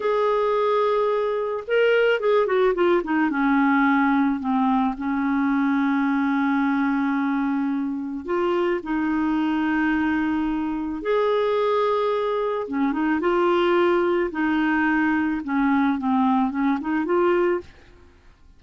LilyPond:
\new Staff \with { instrumentName = "clarinet" } { \time 4/4 \tempo 4 = 109 gis'2. ais'4 | gis'8 fis'8 f'8 dis'8 cis'2 | c'4 cis'2.~ | cis'2. f'4 |
dis'1 | gis'2. cis'8 dis'8 | f'2 dis'2 | cis'4 c'4 cis'8 dis'8 f'4 | }